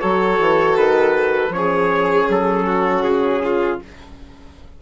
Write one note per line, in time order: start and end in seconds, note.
0.00 0.39 F#3
0.00 1.52 F#4
0.00 1.53 A4
0.00 0.76 C#5
0.39 0.76 E3
0.76 1.49 D#3
0.76 1.53 B4
1.49 2.25 F3
1.49 3.81 C#4
1.49 2.28 C#5
1.56 2.66 G#4
2.29 3.03 F#3
2.29 3.03 A4
2.66 3.42 F#4
3.03 3.78 C#3
3.03 3.79 G#4
3.44 3.82 F4